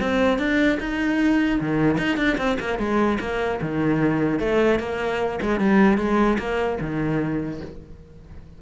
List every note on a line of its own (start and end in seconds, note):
0.00 0.38 C4
0.38 0.78 D4
0.80 1.60 D#4
1.61 1.98 D#3
1.98 2.17 D#4
2.17 2.37 D4
2.38 2.58 C4
2.60 2.79 A#3
2.79 3.19 G#3
3.20 3.60 A#3
3.61 4.39 D#3
4.39 4.79 A3
4.79 5.39 A#3
5.41 5.60 G#3
5.60 5.98 G3
5.98 6.38 G#3
6.38 6.78 A#3
6.81 7.61 D#3